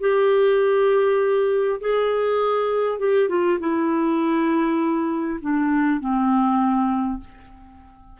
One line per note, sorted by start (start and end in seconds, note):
0.00 1.80 G4
1.80 2.98 G#4
2.98 3.28 G4
3.28 3.58 F4
3.59 5.39 E4
5.40 6.00 D4
6.00 7.20 C4